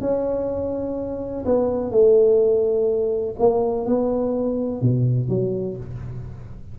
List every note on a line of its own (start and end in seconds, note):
0.00 1.44 C#4
1.45 1.90 B3
1.90 3.34 A3
3.39 3.85 A#3
3.85 4.81 B3
4.81 5.28 B2
5.28 5.76 F#3